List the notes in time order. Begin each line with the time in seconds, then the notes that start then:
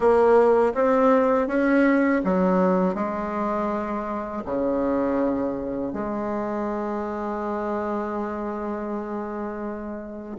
0.00 A#3
0.74 C4
1.47 C#4
2.24 F#3
2.95 G#3
4.45 C#3
5.93 G#3